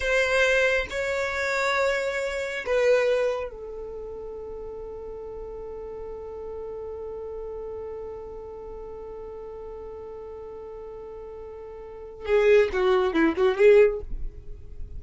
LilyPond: \new Staff \with { instrumentName = "violin" } { \time 4/4 \tempo 4 = 137 c''2 cis''2~ | cis''2 b'2 | a'1~ | a'1~ |
a'1~ | a'1~ | a'1 | gis'4 fis'4 e'8 fis'8 gis'4 | }